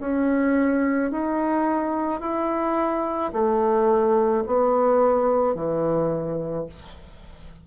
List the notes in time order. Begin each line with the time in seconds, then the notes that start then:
0.00 C#4
1.11 D#4
2.20 E4
3.32 A3
4.46 B3
5.55 E3